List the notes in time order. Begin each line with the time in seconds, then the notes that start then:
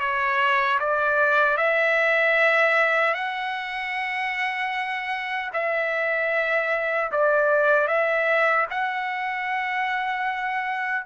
0.00 C#5
0.79 D5
1.57 E5
3.14 F#5
5.53 E5
7.12 D5
7.87 E5
8.71 F#5